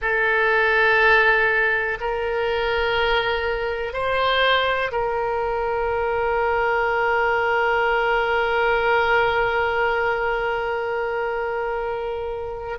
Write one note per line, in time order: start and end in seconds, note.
0.01 1.98 A4
2.00 3.93 A#4
3.93 4.91 C5
4.91 12.78 A#4